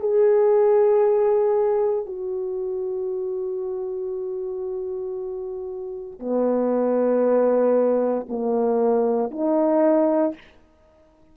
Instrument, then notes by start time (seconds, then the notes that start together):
horn
0.00 G#4
2.06 F#4
6.19 B3
8.29 A#3
9.31 D#4